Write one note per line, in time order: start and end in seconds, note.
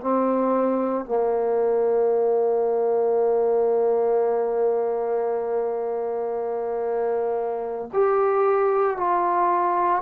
0.00 1.05 C4
1.05 7.89 A#3
7.92 8.97 G4
8.97 10.02 F4